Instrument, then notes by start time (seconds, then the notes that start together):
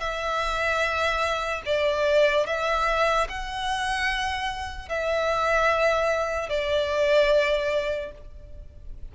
violin
0.00 E5
1.65 D5
2.47 E5
3.29 F#5
4.89 E5
6.49 D5